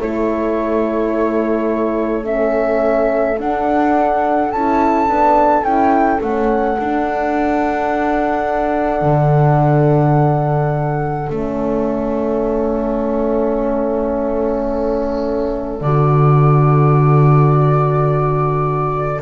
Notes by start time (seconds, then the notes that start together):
0.00 A3 E4 A4 C#5
2.24 C#4 E5
3.39 D4 F#5
4.52 C#4 E4 A5
5.08 B3 D4
5.63 C#4 E4 G5
6.21 A3 C#4 F#5
6.80 D4
9.02 D3
11.30 A3 C#4 E5
15.81 D3 F#4 D5